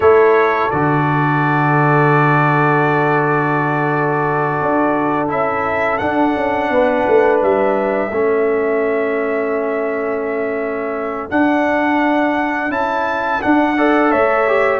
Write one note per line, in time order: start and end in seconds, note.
0.00 0.69 A3
0.00 0.71 E4
0.00 6.71 A4
0.00 0.70 C#5
0.70 4.60 D3
0.70 5.28 F#4
0.70 5.29 D5
4.60 5.30 D4
5.28 6.00 C#4
5.28 5.98 E4
5.28 5.98 E5
5.98 8.11 D4
5.98 6.36 D4
5.98 7.39 F#5
6.36 6.69 C#4
6.69 7.04 B3
6.69 8.12 B4
7.07 7.41 A3
7.41 8.10 G3
7.41 11.30 E5
8.10 11.28 A3
8.10 11.29 C#4
8.10 13.76 A4
11.29 12.70 D4
11.29 12.68 D4
11.29 12.71 F#5
12.68 13.39 C#4
12.68 13.40 E4
12.68 13.41 A5
13.41 13.76 D4
13.41 14.12 D4
13.41 14.11 F#5
13.76 14.47 A4
13.76 14.11 D5
14.11 14.79 A3
14.11 14.79 C#5
14.11 14.79 E5
14.47 14.79 G4